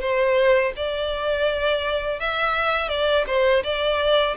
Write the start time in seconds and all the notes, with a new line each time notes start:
0.00 C5
0.76 D5
2.19 E5
2.88 D5
3.27 C5
3.63 D5